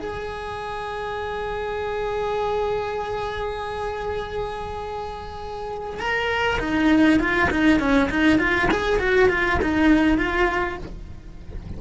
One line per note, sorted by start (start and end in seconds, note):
0.00 5.99 G#4
5.99 6.59 A#4
6.59 7.19 D#4
7.19 7.49 F4
7.50 7.79 D#4
7.79 8.09 C#4
8.09 8.39 D#4
8.39 8.69 F4
8.71 8.99 G#4
8.99 9.29 F#4
9.29 9.59 F4
9.62 10.18 D#4
10.18 10.78 F4